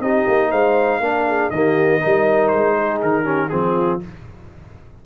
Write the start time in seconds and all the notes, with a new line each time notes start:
0.00 C4 D#4 G4 D#5
0.27 A#3
0.50 G#3 C5 F5
1.00 A#3 D4 A#4
1.28 G#4
1.50 D#3 A#3 G4 D#5
2.00 G3 D#4 A#4
2.48 G#3 C5
2.75 G#4
3.02 D#3 A#4
3.24 C#4 G4
3.49 F3 C4 G#4
3.56 F4